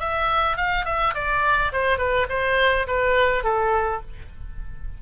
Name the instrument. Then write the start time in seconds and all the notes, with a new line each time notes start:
oboe
0.00 E5
0.57 F5
0.86 E5
1.15 D5
1.73 C5
1.98 B4
2.30 C5
2.88 B4
3.44 A4